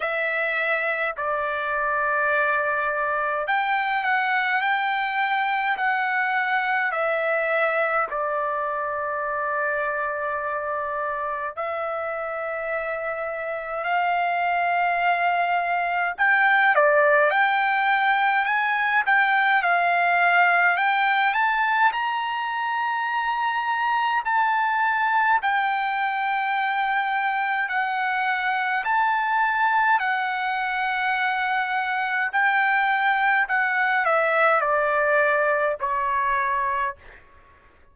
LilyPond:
\new Staff \with { instrumentName = "trumpet" } { \time 4/4 \tempo 4 = 52 e''4 d''2 g''8 fis''8 | g''4 fis''4 e''4 d''4~ | d''2 e''2 | f''2 g''8 d''8 g''4 |
gis''8 g''8 f''4 g''8 a''8 ais''4~ | ais''4 a''4 g''2 | fis''4 a''4 fis''2 | g''4 fis''8 e''8 d''4 cis''4 | }